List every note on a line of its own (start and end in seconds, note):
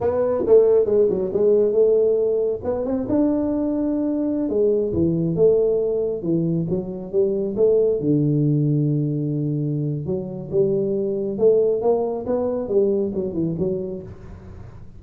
0.00 0.44 B3
0.46 0.85 A3
0.85 1.07 G#3
1.09 1.31 F#3
1.33 1.72 G#3
1.72 2.60 A3
2.64 2.85 B3
2.85 3.07 C4
3.08 4.49 D4
4.49 4.92 G#3
4.93 5.35 E3
5.35 6.22 A3
6.22 6.66 E3
6.69 7.12 F#3
7.12 7.55 G3
7.56 7.99 A3
7.99 10.06 D3
10.06 10.49 F#3
10.50 11.38 G3
11.38 11.81 A3
11.81 12.25 A#3
12.25 12.68 B3
12.68 13.12 G3
13.14 13.33 F#3
13.33 13.55 E3
13.58 14.02 F#3